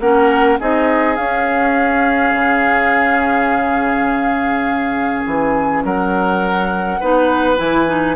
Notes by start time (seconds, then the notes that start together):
0.00 A#3 C#4 A#4 F#5
0.59 C4 D#4 G#4 D#5
1.16 C#4 F5
2.33 C#3
5.25 E3 G#5
5.84 F#3 A#4 F#5
7.00 B3 D#4 B4
7.56 E3 E4 G#5
7.86 D#4